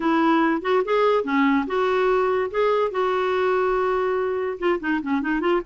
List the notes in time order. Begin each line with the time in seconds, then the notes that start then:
0.00 E4
0.61 F#4
0.84 G#4
1.23 C#4
1.67 F#4
2.50 G#4
2.91 F#4
4.59 F4
4.80 D#4
5.02 C#4
5.21 D#4
5.40 F4